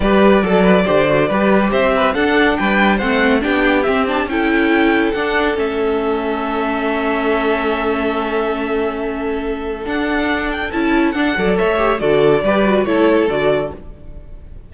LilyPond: <<
  \new Staff \with { instrumentName = "violin" } { \time 4/4 \tempo 4 = 140 d''1 | e''4 fis''4 g''4 fis''4 | g''4 e''8 a''8 g''2 | fis''4 e''2.~ |
e''1~ | e''2. fis''4~ | fis''8 g''8 a''4 fis''4 e''4 | d''2 cis''4 d''4 | }
  \new Staff \with { instrumentName = "violin" } { \time 4/4 b'4 a'8 b'8 c''4 b'4 | c''8 b'8 a'4 b'4 c''4 | g'2 a'2~ | a'1~ |
a'1~ | a'1~ | a'2~ a'8 d''8 cis''4 | a'4 b'4 a'2 | }
  \new Staff \with { instrumentName = "viola" } { \time 4/4 g'4 a'4 g'8 fis'8 g'4~ | g'4 d'2 c'4 | d'4 c'8 d'8 e'2 | d'4 cis'2.~ |
cis'1~ | cis'2. d'4~ | d'4 e'4 d'8 a'4 g'8 | fis'4 g'8 fis'8 e'4 fis'4 | }
  \new Staff \with { instrumentName = "cello" } { \time 4/4 g4 fis4 d4 g4 | c'4 d'4 g4 a4 | b4 c'4 cis'2 | d'4 a2.~ |
a1~ | a2. d'4~ | d'4 cis'4 d'8 fis8 a4 | d4 g4 a4 d4 | }
>>